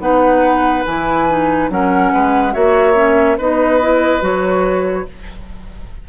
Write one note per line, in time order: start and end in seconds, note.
0.00 0.85 B3
0.00 0.85 D#4
0.00 1.71 B4
0.00 0.85 F#5
0.86 1.70 E3
0.86 1.29 E4
0.86 1.70 G#5
1.29 1.70 D#4
1.70 2.12 F#3
1.70 2.52 C#4
1.70 2.13 A#4
1.70 2.53 F#5
2.13 2.55 G#3
2.13 2.54 B4
2.52 3.39 A#3
2.52 2.95 F#4
2.52 3.38 C#5
2.52 3.38 E5
2.95 3.37 C#4
3.38 4.22 B3
3.38 3.81 D#4
3.38 5.07 B4
3.38 4.24 D#5
3.81 4.21 E4
4.21 5.06 F#3
4.21 5.05 F#4
4.21 5.09 C#5